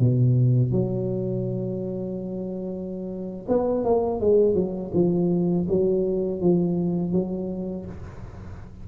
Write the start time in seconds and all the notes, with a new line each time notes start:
0.00 B2
0.72 F#3
3.49 B3
3.84 A#3
4.21 G#3
4.55 F#3
4.94 F3
5.69 F#3
6.41 F3
7.13 F#3